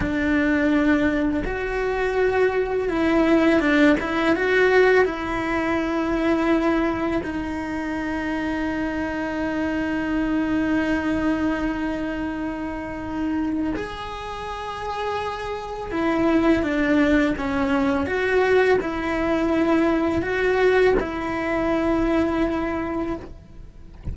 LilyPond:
\new Staff \with { instrumentName = "cello" } { \time 4/4 \tempo 4 = 83 d'2 fis'2 | e'4 d'8 e'8 fis'4 e'4~ | e'2 dis'2~ | dis'1~ |
dis'2. gis'4~ | gis'2 e'4 d'4 | cis'4 fis'4 e'2 | fis'4 e'2. | }